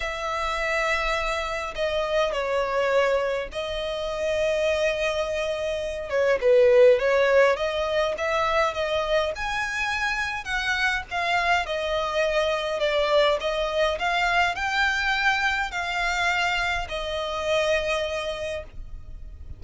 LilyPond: \new Staff \with { instrumentName = "violin" } { \time 4/4 \tempo 4 = 103 e''2. dis''4 | cis''2 dis''2~ | dis''2~ dis''8 cis''8 b'4 | cis''4 dis''4 e''4 dis''4 |
gis''2 fis''4 f''4 | dis''2 d''4 dis''4 | f''4 g''2 f''4~ | f''4 dis''2. | }